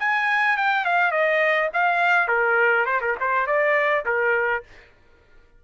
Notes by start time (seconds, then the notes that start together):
0.00 G#5
0.57 G5
0.85 F5
1.12 D#5
1.74 F5
2.28 A#4
2.86 C5
3.02 A#4
3.21 C5
3.47 D5
4.06 A#4